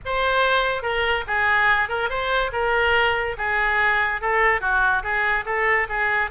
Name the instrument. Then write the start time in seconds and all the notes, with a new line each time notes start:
oboe
0.05 C5
0.82 A#4
1.27 G#4
1.88 A#4
2.09 C5
2.52 A#4
3.37 G#4
4.21 A4
4.60 F#4
5.03 G#4
5.45 A4
5.88 G#4